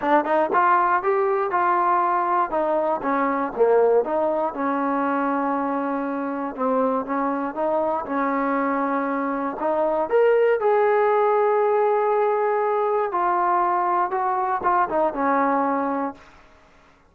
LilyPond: \new Staff \with { instrumentName = "trombone" } { \time 4/4 \tempo 4 = 119 d'8 dis'8 f'4 g'4 f'4~ | f'4 dis'4 cis'4 ais4 | dis'4 cis'2.~ | cis'4 c'4 cis'4 dis'4 |
cis'2. dis'4 | ais'4 gis'2.~ | gis'2 f'2 | fis'4 f'8 dis'8 cis'2 | }